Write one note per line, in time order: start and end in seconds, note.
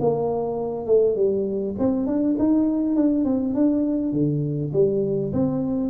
0.00 0.86 A#3
0.86 1.15 A3
1.16 1.75 G3
1.78 2.06 C4
2.06 2.36 D4
2.38 2.95 D#4
2.95 3.24 D4
3.24 3.54 C4
3.54 4.12 D4
4.12 4.71 D3
4.73 5.32 G3
5.32 5.89 C4